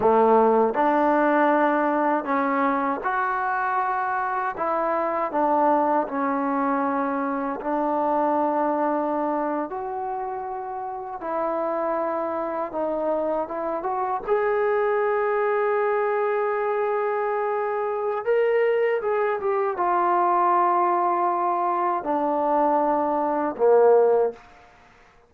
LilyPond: \new Staff \with { instrumentName = "trombone" } { \time 4/4 \tempo 4 = 79 a4 d'2 cis'4 | fis'2 e'4 d'4 | cis'2 d'2~ | d'8. fis'2 e'4~ e'16~ |
e'8. dis'4 e'8 fis'8 gis'4~ gis'16~ | gis'1 | ais'4 gis'8 g'8 f'2~ | f'4 d'2 ais4 | }